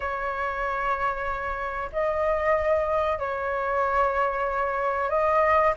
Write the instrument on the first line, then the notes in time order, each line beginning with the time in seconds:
flute
0.00 C#5
1.92 D#5
3.18 C#5
5.09 D#5